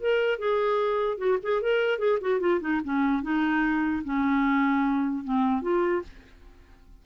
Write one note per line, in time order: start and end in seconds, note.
0.00 0.39 A#4
0.39 1.18 G#4
1.18 1.38 F#4
1.43 1.62 G#4
1.62 1.98 A#4
1.98 2.18 G#4
2.21 2.40 F#4
2.40 2.60 F4
2.61 2.81 D#4
2.84 3.22 C#4
3.22 4.03 D#4
4.04 5.24 C#4
5.24 5.62 C4
5.62 6.02 F4